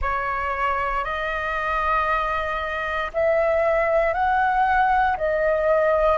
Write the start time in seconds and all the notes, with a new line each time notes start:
0.01 C#5
1.04 D#5
3.13 E5
4.13 F#5
5.17 D#5